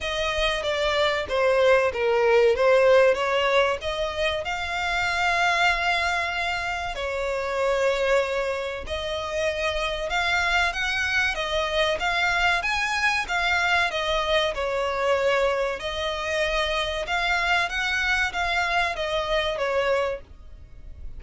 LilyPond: \new Staff \with { instrumentName = "violin" } { \time 4/4 \tempo 4 = 95 dis''4 d''4 c''4 ais'4 | c''4 cis''4 dis''4 f''4~ | f''2. cis''4~ | cis''2 dis''2 |
f''4 fis''4 dis''4 f''4 | gis''4 f''4 dis''4 cis''4~ | cis''4 dis''2 f''4 | fis''4 f''4 dis''4 cis''4 | }